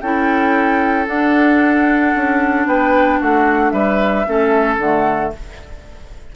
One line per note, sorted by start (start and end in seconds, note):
0.00 1.07 C#4
0.00 1.06 E4
0.00 2.67 A4
0.00 1.06 G5
1.06 4.24 D4
1.06 2.13 D4
1.06 2.67 F#5
2.14 2.66 C#4
2.66 3.19 B3
2.66 3.19 B4
2.66 3.20 G5
3.19 3.72 A3
3.19 3.72 F#4
3.19 3.70 F#5
3.70 4.25 G3
3.70 4.26 B4
3.70 4.76 E5
4.26 4.77 A3
4.26 4.79 C#4
4.26 5.35 A4
4.77 5.31 D3
4.77 5.35 A3
4.77 5.32 F#5